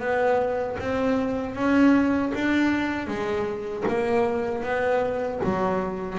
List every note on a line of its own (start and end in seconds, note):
0.00 0.77 B3
0.79 1.56 C4
1.56 2.33 C#4
2.35 3.08 D4
3.08 3.85 G#3
3.88 4.64 A#3
4.64 5.41 B3
5.44 6.19 F#3